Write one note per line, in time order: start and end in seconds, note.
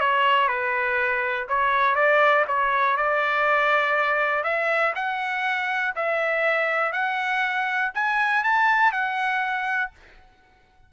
0.00 0.48 C#5
0.48 1.47 B4
1.48 1.95 C#5
1.95 2.45 D5
2.48 2.97 C#5
2.97 4.43 D5
4.43 4.93 E5
4.95 5.94 F#5
5.95 6.92 E5
6.92 7.92 F#5
7.94 8.44 G#5
8.44 8.92 A5
8.92 9.91 F#5